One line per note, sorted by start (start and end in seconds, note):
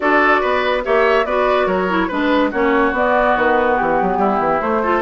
0.00 0.42 D4
0.00 0.82 F#4
0.00 0.40 A4
0.00 0.83 D5
0.40 0.85 B3
0.40 0.82 B4
0.83 1.24 A#3
0.83 1.25 G4
0.83 1.25 C#5
0.83 1.25 E5
1.24 1.66 B3
1.24 1.88 F#4
1.24 1.66 B4
1.24 1.67 D5
1.66 2.08 F#3
1.66 2.07 A#4
1.66 2.08 C#5
1.88 2.09 E4
2.07 2.52 G#3
2.07 2.52 D4
2.07 2.49 B4
2.07 2.50 B4
2.50 2.92 A#3
2.50 2.94 C#4
2.50 4.18 F#4
2.50 2.95 C#5
2.92 3.34 B3
2.92 4.61 B3
2.92 3.37 D5
3.36 3.78 D#3
3.36 3.76 B4
3.76 4.01 E3
3.76 4.60 G4
4.01 4.17 F#3
4.17 4.38 G3
4.17 4.81 E4
4.38 4.59 E3
4.60 5.01 A3
4.60 4.82 A3
4.60 5.01 C5
4.82 5.01 F4
4.82 5.01 A4